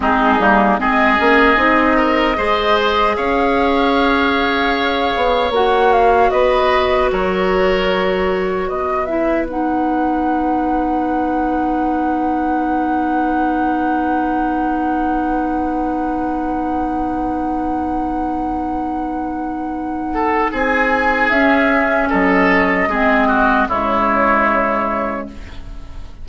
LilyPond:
<<
  \new Staff \with { instrumentName = "flute" } { \time 4/4 \tempo 4 = 76 gis'4 dis''2. | f''2. fis''8 f''8 | dis''4 cis''2 dis''8 e''8 | fis''1~ |
fis''1~ | fis''1~ | fis''2 gis''4 e''4 | dis''2 cis''2 | }
  \new Staff \with { instrumentName = "oboe" } { \time 4/4 dis'4 gis'4. ais'8 c''4 | cis''1 | b'4 ais'2 b'4~ | b'1~ |
b'1~ | b'1~ | b'4. a'8 gis'2 | a'4 gis'8 fis'8 e'2 | }
  \new Staff \with { instrumentName = "clarinet" } { \time 4/4 c'8 ais8 c'8 cis'8 dis'4 gis'4~ | gis'2. fis'4~ | fis'2.~ fis'8 e'8 | dis'1~ |
dis'1~ | dis'1~ | dis'2. cis'4~ | cis'4 c'4 gis2 | }
  \new Staff \with { instrumentName = "bassoon" } { \time 4/4 gis8 g8 gis8 ais8 c'4 gis4 | cis'2~ cis'8 b8 ais4 | b4 fis2 b4~ | b1~ |
b1~ | b1~ | b2 c'4 cis'4 | fis4 gis4 cis2 | }
>>